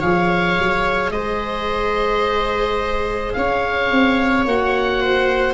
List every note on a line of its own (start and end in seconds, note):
0.00 0.58 F3
0.00 4.47 G#4
0.00 1.11 C#5
0.00 1.11 F5
0.59 1.11 F#3
1.11 3.33 G#3
1.11 3.35 C5
1.11 3.33 D#5
3.33 3.91 C#4
3.33 5.01 C#5
3.33 4.44 F5
3.91 4.46 C4
4.46 5.54 A#3
4.46 5.54 F#4
4.46 5.54 F#5
5.01 5.54 C5